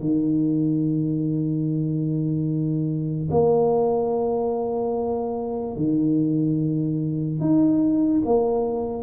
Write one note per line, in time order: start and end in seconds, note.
0.00 3.29 D#3
3.31 5.76 A#3
5.76 7.40 D#3
7.40 8.22 D#4
8.25 9.03 A#3